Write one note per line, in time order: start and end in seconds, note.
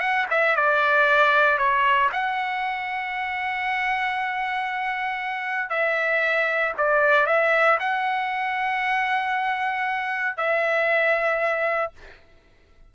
0.00 0.26 F#5
0.30 0.56 E5
0.56 1.58 D5
1.58 2.09 C#5
2.12 5.70 F#5
5.70 6.73 E5
6.77 7.26 D5
7.26 7.78 E5
7.80 10.37 F#5
10.37 11.92 E5